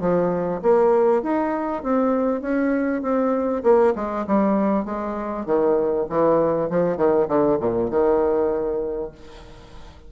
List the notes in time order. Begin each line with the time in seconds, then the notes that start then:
0.00 F3
0.62 A#3
1.22 D#4
1.83 C4
2.41 C#4
3.02 C4
3.63 A#3
3.95 G#3
4.27 G3
4.85 G#3
5.45 D#3
6.09 E3
6.69 F3
6.97 D#3
7.28 D3
7.60 A#2
7.90 D#3